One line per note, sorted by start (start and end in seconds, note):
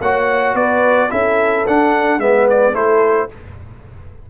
0.00 0.54 A#3
0.00 1.10 F#4
0.00 0.54 C#5
0.00 0.56 F#5
0.54 1.09 B3
0.54 1.10 B4
0.54 1.11 D5
1.10 1.67 C#4
1.10 1.65 E4
1.10 2.21 A4
1.10 1.66 E5
1.67 2.18 D4
1.67 2.20 D4
1.67 2.19 F#5
2.18 2.73 G#3
2.18 2.73 B3
2.18 2.74 B4
2.18 2.47 E5
2.49 2.75 D5
2.73 3.28 A3
2.73 3.28 E4
2.73 3.29 A4
2.73 3.30 C5